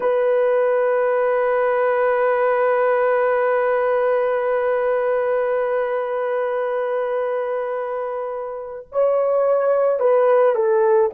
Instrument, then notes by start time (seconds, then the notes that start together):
horn
0.00 B4
8.91 C#5
9.99 B4
10.55 A4